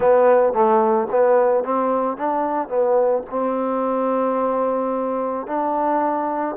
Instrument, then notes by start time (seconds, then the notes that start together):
trombone
0.00 B3
0.53 A3
1.10 B3
1.64 C4
2.17 D4
2.68 B3
3.30 C4
5.46 D4